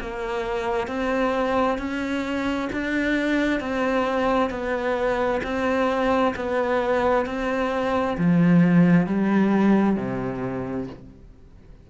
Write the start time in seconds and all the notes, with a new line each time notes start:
0.00 A#3
0.88 C4
1.78 C#4
2.73 D4
3.60 C4
4.50 B3
5.43 C4
6.36 B3
7.26 C4
8.18 F3
9.07 G3
9.96 C3